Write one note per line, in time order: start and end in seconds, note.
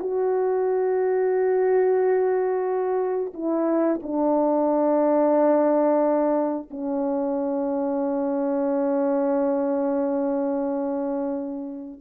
0.00 3.33 F#4
3.34 4.00 E4
4.03 6.69 D4
6.71 12.01 C#4